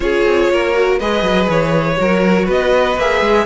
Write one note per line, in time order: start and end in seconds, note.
0.00 0.23 C#4
0.00 0.74 F4
0.00 0.52 G#4
0.00 0.97 C#5
0.24 0.49 C4
0.50 0.99 A#3
0.50 0.99 A#4
0.74 0.99 F#4
0.99 1.22 G#3
0.99 1.96 G#4
0.99 1.98 B4
0.99 1.49 D#5
1.22 1.47 F#3
1.48 1.98 E3
1.48 2.49 C#5
1.96 2.48 F#3
1.96 2.96 F#4
1.96 2.45 A#4
2.45 2.96 B3
2.45 3.44 B4
2.45 2.99 D#5
2.96 3.21 A#3
2.96 3.46 G#4
2.96 3.46 E5
3.21 3.46 G#3